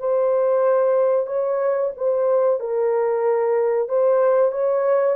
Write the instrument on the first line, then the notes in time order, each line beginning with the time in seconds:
horn
0.00 C5
1.27 C#5
1.97 C5
2.60 A#4
3.89 C5
4.52 C#5